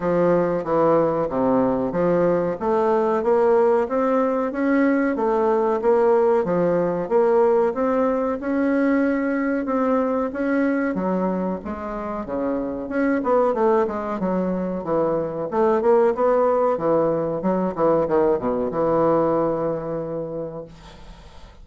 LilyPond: \new Staff \with { instrumentName = "bassoon" } { \time 4/4 \tempo 4 = 93 f4 e4 c4 f4 | a4 ais4 c'4 cis'4 | a4 ais4 f4 ais4 | c'4 cis'2 c'4 |
cis'4 fis4 gis4 cis4 | cis'8 b8 a8 gis8 fis4 e4 | a8 ais8 b4 e4 fis8 e8 | dis8 b,8 e2. | }